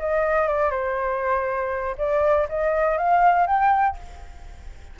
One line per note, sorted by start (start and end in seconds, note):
0.00 0.48 D#5
0.48 0.71 D5
0.71 1.96 C5
1.98 2.48 D5
2.49 2.98 D#5
2.98 3.47 F5
3.47 3.97 G5